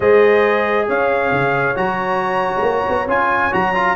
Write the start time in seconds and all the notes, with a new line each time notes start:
0.00 G#3 G#4 C5 D#5
0.87 C#4 C#5 F5
1.31 C#3
1.75 F#3 F#4 A#5
2.56 G#3 A#3
2.88 B3
3.07 C#4 F4 G#5
3.51 F#3 F#4 A#5
3.74 F4